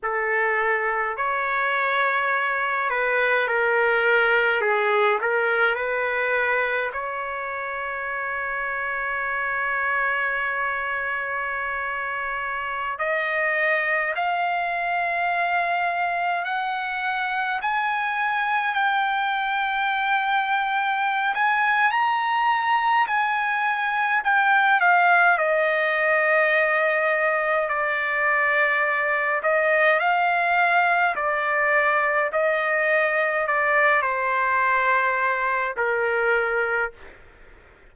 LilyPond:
\new Staff \with { instrumentName = "trumpet" } { \time 4/4 \tempo 4 = 52 a'4 cis''4. b'8 ais'4 | gis'8 ais'8 b'4 cis''2~ | cis''2.~ cis''16 dis''8.~ | dis''16 f''2 fis''4 gis''8.~ |
gis''16 g''2~ g''16 gis''8 ais''4 | gis''4 g''8 f''8 dis''2 | d''4. dis''8 f''4 d''4 | dis''4 d''8 c''4. ais'4 | }